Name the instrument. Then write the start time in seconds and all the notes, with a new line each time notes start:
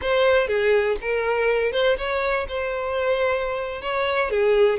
violin
0.01 C5
0.47 G#4
1.01 A#4
1.72 C5
1.97 C#5
2.48 C5
3.81 C#5
4.30 G#4